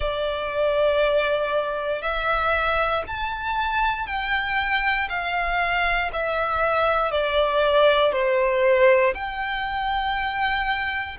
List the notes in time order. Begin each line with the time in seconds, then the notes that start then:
0.00 D5
2.02 E5
3.07 A5
4.06 G5
5.08 F5
6.12 E5
7.11 D5
8.12 C5
9.14 G5